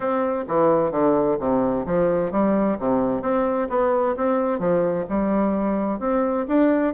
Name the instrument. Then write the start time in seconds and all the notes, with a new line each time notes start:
bassoon
0.00 C4
0.48 E3
0.91 D3
1.39 C3
1.85 F3
2.31 G3
2.79 C3
3.22 C4
3.69 B3
4.16 C4
4.59 F3
5.09 G3
5.99 C4
6.47 D4